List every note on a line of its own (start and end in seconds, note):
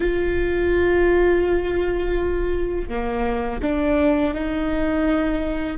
0.00 2.88 F4
2.88 3.60 A#3
3.61 4.34 D4
4.34 5.77 D#4